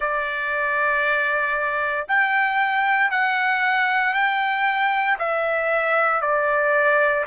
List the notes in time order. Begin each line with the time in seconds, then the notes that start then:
0.00 D5
2.08 G5
3.10 F#5
4.13 G5
5.19 E5
6.21 D5